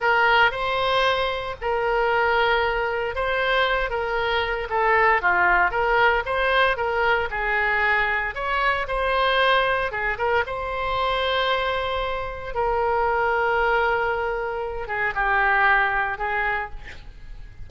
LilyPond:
\new Staff \with { instrumentName = "oboe" } { \time 4/4 \tempo 4 = 115 ais'4 c''2 ais'4~ | ais'2 c''4. ais'8~ | ais'4 a'4 f'4 ais'4 | c''4 ais'4 gis'2 |
cis''4 c''2 gis'8 ais'8 | c''1 | ais'1~ | ais'8 gis'8 g'2 gis'4 | }